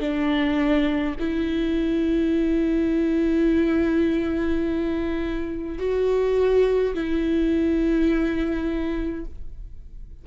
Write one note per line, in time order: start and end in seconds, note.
0.00 1.15 D4
1.19 5.78 E4
5.78 6.94 F#4
6.94 9.25 E4